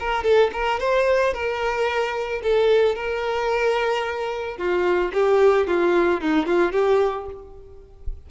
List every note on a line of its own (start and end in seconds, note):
0.00 0.24 A#4
0.24 0.51 A4
0.53 0.80 A#4
0.80 1.34 C5
1.34 2.42 A#4
2.43 2.96 A4
2.96 4.58 A#4
4.58 5.12 F4
5.14 5.68 G4
5.68 6.21 F4
6.21 6.47 D#4
6.47 6.72 F4
6.72 7.27 G4